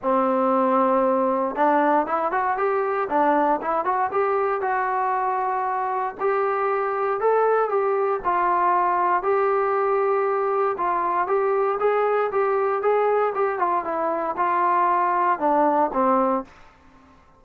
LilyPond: \new Staff \with { instrumentName = "trombone" } { \time 4/4 \tempo 4 = 117 c'2. d'4 | e'8 fis'8 g'4 d'4 e'8 fis'8 | g'4 fis'2. | g'2 a'4 g'4 |
f'2 g'2~ | g'4 f'4 g'4 gis'4 | g'4 gis'4 g'8 f'8 e'4 | f'2 d'4 c'4 | }